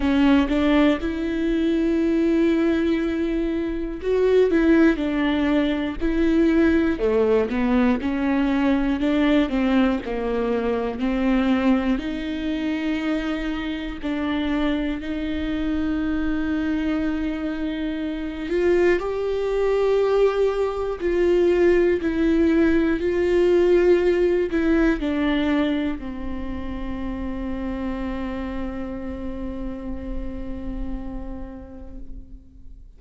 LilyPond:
\new Staff \with { instrumentName = "viola" } { \time 4/4 \tempo 4 = 60 cis'8 d'8 e'2. | fis'8 e'8 d'4 e'4 a8 b8 | cis'4 d'8 c'8 ais4 c'4 | dis'2 d'4 dis'4~ |
dis'2~ dis'8 f'8 g'4~ | g'4 f'4 e'4 f'4~ | f'8 e'8 d'4 c'2~ | c'1 | }